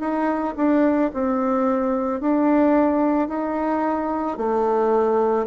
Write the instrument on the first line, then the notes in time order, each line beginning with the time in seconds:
bassoon
0.00 D#4
0.57 D4
1.14 C4
2.21 D4
3.28 D#4
4.38 A3